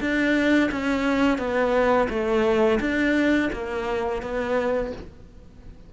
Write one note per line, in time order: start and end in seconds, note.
0.00 0.70 D4
0.71 1.38 C#4
1.38 2.07 B3
2.09 2.79 A3
2.80 3.49 D4
3.52 4.22 A#3
4.22 4.92 B3